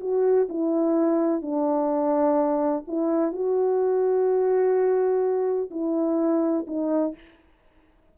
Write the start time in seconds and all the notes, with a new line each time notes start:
0.00 F#4
0.48 E4
1.41 D4
2.87 E4
3.32 F#4
5.71 E4
6.67 D#4